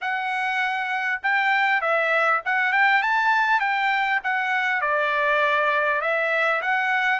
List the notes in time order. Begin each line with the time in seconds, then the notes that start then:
0.01 F#5
1.22 G5
1.81 E5
2.45 F#5
2.72 G5
3.02 A5
3.60 G5
4.23 F#5
4.81 D5
6.01 E5
6.61 F#5